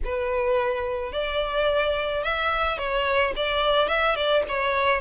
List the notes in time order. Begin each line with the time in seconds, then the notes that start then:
0.04 B4
1.12 D5
2.23 E5
2.78 C#5
3.36 D5
3.88 E5
4.15 D5
4.48 C#5